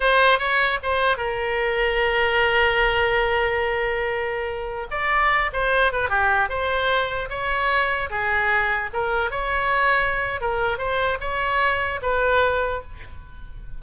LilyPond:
\new Staff \with { instrumentName = "oboe" } { \time 4/4 \tempo 4 = 150 c''4 cis''4 c''4 ais'4~ | ais'1~ | ais'1~ | ais'16 d''4. c''4 b'8 g'8.~ |
g'16 c''2 cis''4.~ cis''16~ | cis''16 gis'2 ais'4 cis''8.~ | cis''2 ais'4 c''4 | cis''2 b'2 | }